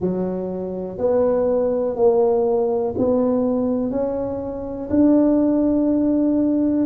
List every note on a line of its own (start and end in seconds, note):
0.00 0.97 F#3
0.97 1.96 B3
1.96 2.94 A#3
2.97 3.90 B3
3.90 4.89 C#4
4.90 6.86 D4